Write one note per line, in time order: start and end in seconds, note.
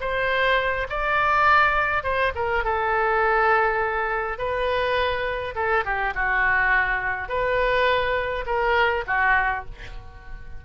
0.00 0.87 C5
0.89 2.03 D5
2.03 2.32 C5
2.35 2.64 A#4
2.64 4.38 A4
4.38 5.55 B4
5.55 5.84 A4
5.85 6.14 G4
6.15 7.29 F#4
7.29 8.45 B4
8.46 9.04 A#4
9.07 9.65 F#4